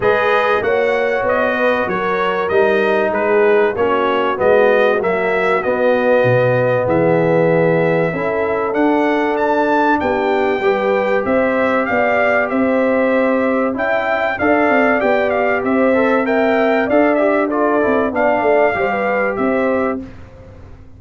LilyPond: <<
  \new Staff \with { instrumentName = "trumpet" } { \time 4/4 \tempo 4 = 96 dis''4 fis''4 dis''4 cis''4 | dis''4 b'4 cis''4 dis''4 | e''4 dis''2 e''4~ | e''2 fis''4 a''4 |
g''2 e''4 f''4 | e''2 g''4 f''4 | g''8 f''8 e''4 g''4 f''8 e''8 | d''4 f''2 e''4 | }
  \new Staff \with { instrumentName = "horn" } { \time 4/4 b'4 cis''4. b'8 ais'4~ | ais'4 gis'4 fis'2~ | fis'2. gis'4~ | gis'4 a'2. |
g'4 b'4 c''4 d''4 | c''2 e''4 d''4~ | d''4 c''4 e''4 d''4 | a'4 d''4 c''16 b'8. c''4 | }
  \new Staff \with { instrumentName = "trombone" } { \time 4/4 gis'4 fis'2. | dis'2 cis'4 b4 | ais4 b2.~ | b4 e'4 d'2~ |
d'4 g'2.~ | g'2 e'4 a'4 | g'4. a'8 ais'4 a'8 g'8 | f'8 e'8 d'4 g'2 | }
  \new Staff \with { instrumentName = "tuba" } { \time 4/4 gis4 ais4 b4 fis4 | g4 gis4 ais4 gis4 | fis4 b4 b,4 e4~ | e4 cis'4 d'2 |
b4 g4 c'4 b4 | c'2 cis'4 d'8 c'8 | b4 c'2 d'4~ | d'8 c'8 b8 a8 g4 c'4 | }
>>